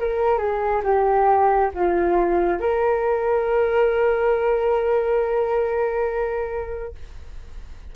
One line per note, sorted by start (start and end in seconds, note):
0.00 0.39 A#4
0.39 0.82 G#4
0.84 1.71 G4
1.75 2.60 F4
2.60 6.95 A#4